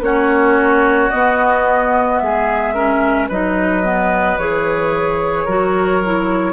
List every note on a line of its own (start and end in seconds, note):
0.00 1.09 A#3
0.00 1.11 C#4
0.00 2.23 F#4
0.00 1.10 C#5
1.10 2.75 B3
1.10 2.21 B3
1.10 2.19 D#5
2.19 3.30 G#3
2.19 2.74 G#4
2.19 3.28 E5
2.74 3.29 C#4
2.74 3.29 A#4
3.29 4.38 F#3
3.29 3.83 D#4
3.29 5.45 B4
3.29 4.38 D#5
3.83 4.38 B3
4.38 5.47 E3
4.38 5.48 G#4
4.38 6.52 C#5
5.45 6.52 F#3
5.45 6.02 F#4
5.45 6.52 A#4
6.05 6.52 E4